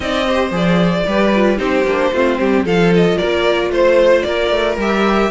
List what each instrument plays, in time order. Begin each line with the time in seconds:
0.00 cello C4, viola D#4, violin D5 D#5
0.26 viola G4, violin C5
0.50 cello F3, viola G#4, violin D5
1.06 cello G3, viola G4, violin B4
1.35 viola F4
1.57 cello C4, viola D#4, violin G4 C5
1.84 cello A#3, viola D4
2.12 cello A3, viola C4, violin F4
2.39 cello G3, violin G4
2.64 cello F3, viola F4, violin A4 F5
2.95 violin D#5
3.18 cello A#3, violin A#4 D5
3.70 cello A3, violin C5
4.22 cello A#3, violin A#4 D5
4.50 cello A3
4.76 cello G3, viola G4, violin E5